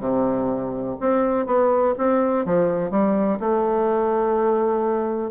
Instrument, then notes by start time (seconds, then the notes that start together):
bassoon
0.00 C3
1.00 C4
1.46 B3
1.98 C4
2.45 F3
2.91 G3
3.40 A3